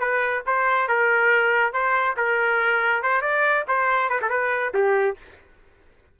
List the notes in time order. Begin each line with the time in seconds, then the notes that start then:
0.00 B4
0.46 C5
0.88 A#4
1.73 C5
2.17 A#4
3.03 C5
3.21 D5
3.68 C5
4.10 B4
4.22 A4
4.30 B4
4.74 G4